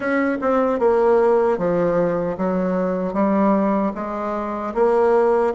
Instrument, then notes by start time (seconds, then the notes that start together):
bassoon
0.00 C#4
0.41 C4
0.79 A#3
1.58 F3
2.37 F#3
3.13 G3
3.94 G#3
4.74 A#3